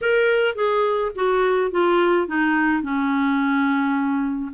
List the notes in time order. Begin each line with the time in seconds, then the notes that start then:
0.01 A#4
0.55 G#4
1.15 F#4
1.71 F4
2.27 D#4
2.82 C#4